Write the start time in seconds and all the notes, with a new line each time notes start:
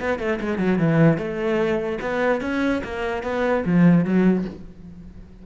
0.00 B3
0.19 A3
0.41 G#3
0.58 F#3
0.79 E3
1.18 A3
2.01 B3
2.41 C#4
2.84 A#3
3.23 B3
3.66 F3
4.05 F#3